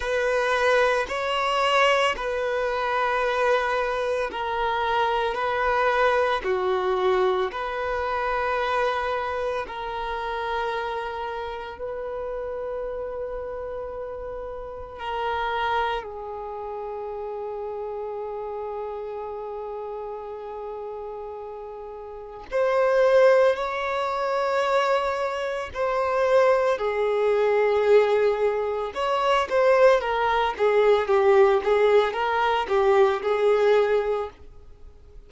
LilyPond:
\new Staff \with { instrumentName = "violin" } { \time 4/4 \tempo 4 = 56 b'4 cis''4 b'2 | ais'4 b'4 fis'4 b'4~ | b'4 ais'2 b'4~ | b'2 ais'4 gis'4~ |
gis'1~ | gis'4 c''4 cis''2 | c''4 gis'2 cis''8 c''8 | ais'8 gis'8 g'8 gis'8 ais'8 g'8 gis'4 | }